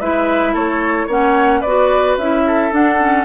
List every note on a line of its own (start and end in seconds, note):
0.00 0.54 G#3
0.00 1.09 E4
0.00 0.53 B4
0.00 0.55 E5
0.53 1.07 A3
0.53 1.07 A4
0.53 1.09 C#5
1.07 1.62 A#3
1.07 1.64 C#4
1.07 1.60 C#5
1.07 1.61 F#5
1.60 2.17 B3
1.60 2.42 B4
1.60 2.16 D5
1.66 2.20 F#4
2.17 2.71 C#4
2.17 2.71 E4
2.17 2.73 E5
2.47 3.25 A4
2.71 2.99 D4
2.71 3.25 D4
2.71 3.25 F#5
2.99 3.25 C#4